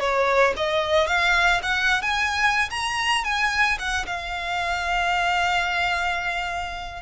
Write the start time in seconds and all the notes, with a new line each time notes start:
0.00 C#5
0.57 D#5
1.07 F5
1.63 F#5
2.02 G#5
2.71 A#5
3.25 G#5
3.79 F#5
4.07 F5